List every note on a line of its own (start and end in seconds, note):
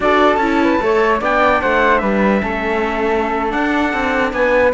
0.00 0.36 D4
0.00 0.40 F#4
0.00 0.62 A4
0.00 0.36 D5
0.36 0.77 C#4
0.36 0.80 E4
0.36 1.17 A5
0.62 0.83 B4
0.80 1.21 A3
0.80 1.20 A4
0.80 1.21 C#5
1.20 1.61 B3
1.20 2.40 D4
1.20 1.61 D5
1.20 1.61 G5
1.61 2.01 A3
1.61 2.00 C5
1.61 1.98 F#5
1.98 2.42 G3
1.98 2.41 B4
1.98 3.49 E5
2.40 3.53 A3
2.40 3.49 C#4
2.40 4.33 A4
3.49 4.70 D4
3.49 3.93 D4
3.49 4.31 F#5
3.93 4.33 C4
4.32 4.73 B3
4.32 4.73 B4
4.32 4.72 G#5